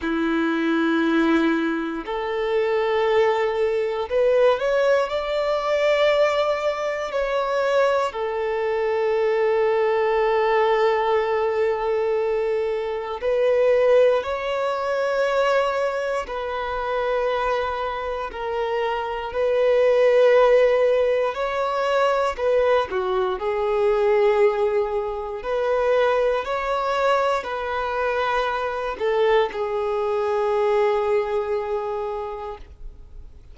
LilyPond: \new Staff \with { instrumentName = "violin" } { \time 4/4 \tempo 4 = 59 e'2 a'2 | b'8 cis''8 d''2 cis''4 | a'1~ | a'4 b'4 cis''2 |
b'2 ais'4 b'4~ | b'4 cis''4 b'8 fis'8 gis'4~ | gis'4 b'4 cis''4 b'4~ | b'8 a'8 gis'2. | }